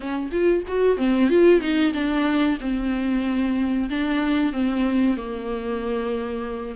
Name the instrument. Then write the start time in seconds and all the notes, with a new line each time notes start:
viola
0.00 C#4
0.31 F4
0.67 F#4
0.97 C4
1.29 F4
1.60 D#4
1.93 D4
2.60 C4
3.89 D4
4.52 C4
5.16 A#3